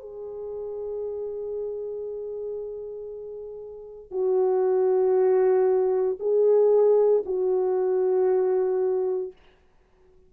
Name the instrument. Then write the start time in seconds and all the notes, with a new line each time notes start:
horn
0.00 G#4
4.11 F#4
6.20 G#4
7.26 F#4